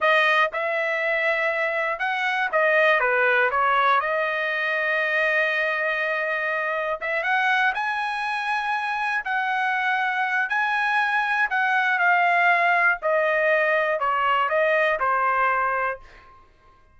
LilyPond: \new Staff \with { instrumentName = "trumpet" } { \time 4/4 \tempo 4 = 120 dis''4 e''2. | fis''4 dis''4 b'4 cis''4 | dis''1~ | dis''2 e''8 fis''4 gis''8~ |
gis''2~ gis''8 fis''4.~ | fis''4 gis''2 fis''4 | f''2 dis''2 | cis''4 dis''4 c''2 | }